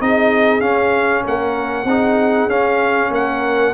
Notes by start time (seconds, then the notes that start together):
0.00 C4 D#4 G#4 D#5
0.61 C#4 F5
1.24 A#3 A#4 F#5
1.84 C4 D#4 G#4
2.47 C#4 F5
3.11 A#3 A#4 F#5